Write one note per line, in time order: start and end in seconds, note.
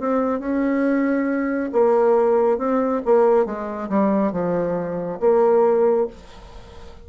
0.00 0.40 C4
0.40 1.70 C#4
1.72 2.58 A#3
2.58 3.02 C4
3.05 3.45 A#3
3.45 3.89 G#3
3.89 4.32 G3
4.32 5.19 F3
5.20 6.07 A#3